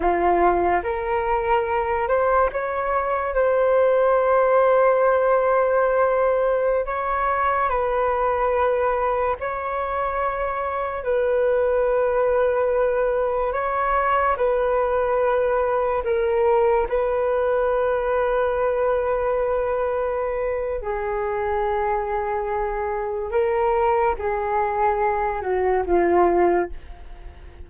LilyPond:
\new Staff \with { instrumentName = "flute" } { \time 4/4 \tempo 4 = 72 f'4 ais'4. c''8 cis''4 | c''1~ | c''16 cis''4 b'2 cis''8.~ | cis''4~ cis''16 b'2~ b'8.~ |
b'16 cis''4 b'2 ais'8.~ | ais'16 b'2.~ b'8.~ | b'4 gis'2. | ais'4 gis'4. fis'8 f'4 | }